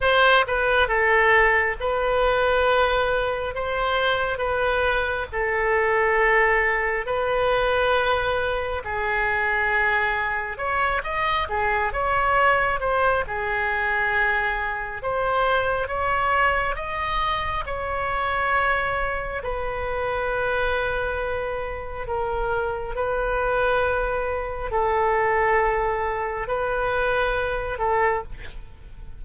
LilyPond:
\new Staff \with { instrumentName = "oboe" } { \time 4/4 \tempo 4 = 68 c''8 b'8 a'4 b'2 | c''4 b'4 a'2 | b'2 gis'2 | cis''8 dis''8 gis'8 cis''4 c''8 gis'4~ |
gis'4 c''4 cis''4 dis''4 | cis''2 b'2~ | b'4 ais'4 b'2 | a'2 b'4. a'8 | }